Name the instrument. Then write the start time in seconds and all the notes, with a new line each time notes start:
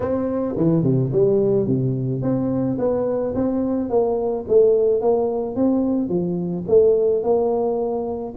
tuba
0.00 C4
0.57 E3
0.83 C3
1.12 G3
1.67 C3
2.22 C4
2.78 B3
3.34 C4
3.89 A#3
4.47 A3
5.01 A#3
5.55 C4
6.08 F3
6.67 A3
7.23 A#3